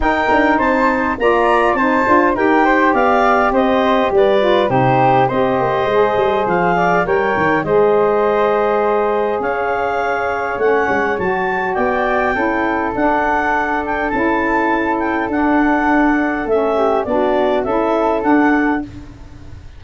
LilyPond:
<<
  \new Staff \with { instrumentName = "clarinet" } { \time 4/4 \tempo 4 = 102 g''4 a''4 ais''4 a''4 | g''4 f''4 dis''4 d''4 | c''4 dis''2 f''4 | g''4 dis''2. |
f''2 fis''4 a''4 | g''2 fis''4. g''8 | a''4. g''8 fis''2 | e''4 d''4 e''4 fis''4 | }
  \new Staff \with { instrumentName = "flute" } { \time 4/4 ais'4 c''4 d''4 c''4 | ais'8 c''8 d''4 c''4 b'4 | g'4 c''2~ c''8 d''8 | cis''4 c''2. |
cis''1 | d''4 a'2.~ | a'1~ | a'8 g'8 fis'4 a'2 | }
  \new Staff \with { instrumentName = "saxophone" } { \time 4/4 dis'2 f'4 dis'8 f'8 | g'2.~ g'8 f'8 | dis'4 g'4 gis'2 | ais'4 gis'2.~ |
gis'2 cis'4 fis'4~ | fis'4 e'4 d'2 | e'2 d'2 | cis'4 d'4 e'4 d'4 | }
  \new Staff \with { instrumentName = "tuba" } { \time 4/4 dis'8 d'8 c'4 ais4 c'8 d'8 | dis'4 b4 c'4 g4 | c4 c'8 ais8 gis8 g8 f4 | g8 dis8 gis2. |
cis'2 a8 gis8 fis4 | b4 cis'4 d'2 | cis'2 d'2 | a4 b4 cis'4 d'4 | }
>>